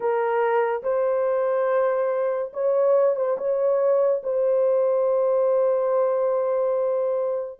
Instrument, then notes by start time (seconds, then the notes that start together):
horn
0.00 A#4
0.83 C5
2.53 C#5
3.15 C5
3.37 C#5
4.23 C5